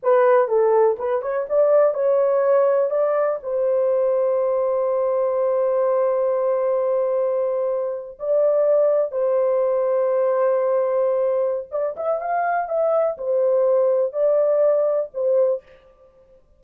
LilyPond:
\new Staff \with { instrumentName = "horn" } { \time 4/4 \tempo 4 = 123 b'4 a'4 b'8 cis''8 d''4 | cis''2 d''4 c''4~ | c''1~ | c''1~ |
c''8. d''2 c''4~ c''16~ | c''1 | d''8 e''8 f''4 e''4 c''4~ | c''4 d''2 c''4 | }